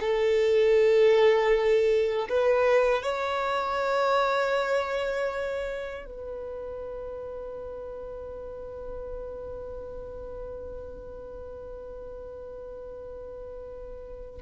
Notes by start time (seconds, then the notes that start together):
0.00 A4
2.29 B4
3.02 C#5
6.06 B4